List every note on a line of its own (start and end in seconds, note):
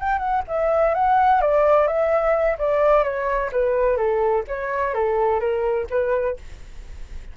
0.00 0.19 G5
0.19 0.42 F#5
0.48 0.94 E5
0.94 1.41 F#5
1.41 1.87 D5
1.87 2.57 E5
2.58 3.03 D5
3.03 3.50 C#5
3.52 3.97 B4
3.97 4.44 A4
4.48 4.94 C#5
4.94 5.40 A4
5.40 5.87 A#4
5.90 6.37 B4